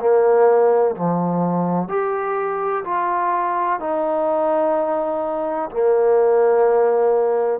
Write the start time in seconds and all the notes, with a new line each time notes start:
0.00 A#3
0.95 F3
1.88 G4
2.84 F4
3.79 D#4
5.70 A#3